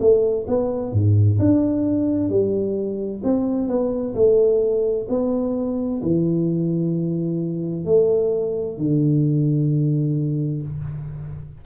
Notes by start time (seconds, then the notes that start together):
0.00 A3
0.47 B3
0.93 G#2
1.39 D4
2.30 G3
3.24 C4
3.68 B3
4.15 A3
5.09 B3
6.03 E3
7.85 A3
8.77 D3